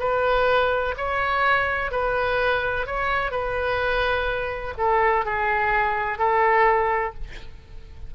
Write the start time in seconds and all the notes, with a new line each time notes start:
0.00 B4
0.97 C#5
1.92 B4
2.87 C#5
3.32 B4
4.78 A4
5.26 G#4
6.19 A4